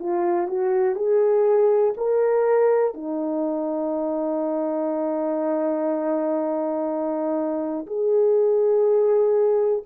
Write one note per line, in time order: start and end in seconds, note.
0.00 0.48 F4
0.48 0.96 F#4
0.96 1.94 G#4
1.98 2.95 A#4
2.95 7.86 D#4
7.87 9.84 G#4